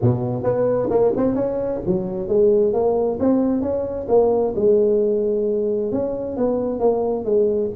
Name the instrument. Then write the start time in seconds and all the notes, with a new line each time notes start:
tuba
0.01 B2
0.43 B3
0.90 A#3
1.16 C4
1.35 C#4
1.86 F#3
2.28 G#3
2.73 A#3
3.19 C4
3.61 C#4
4.08 A#3
4.55 G#3
5.92 C#4
6.37 B3
6.79 A#3
7.25 G#3